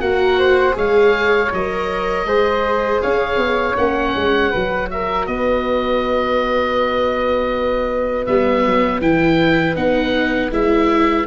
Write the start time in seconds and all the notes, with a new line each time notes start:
0.00 A#3 F#4 A#4 F#5
0.38 C5
0.73 G#3 G#4 C#5 F5
1.53 F#3 A#4 D#5
2.25 G#3 G#4 C5
3.01 C#4 C#5 F5
3.36 B3
3.77 A#3 C#4 F#5
4.15 G#3
4.50 F#3 F#4 B4
4.90 A#4 E5
5.26 B3 B4 D#5
8.26 G3 B3 E5
8.65 F#3
9.01 E3 E4 G5
9.75 B3 D#4 F#5
10.51 G#3 E4 E5